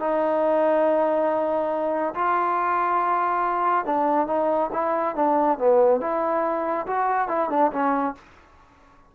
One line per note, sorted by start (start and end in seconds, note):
0.00 2.14 D#4
2.14 3.85 F4
3.85 4.27 D4
4.27 4.70 D#4
4.72 5.15 E4
5.16 5.58 D4
5.58 6.01 B3
6.01 6.86 E4
6.87 7.28 F#4
7.28 7.50 E4
7.50 7.71 D4
7.72 8.15 C#4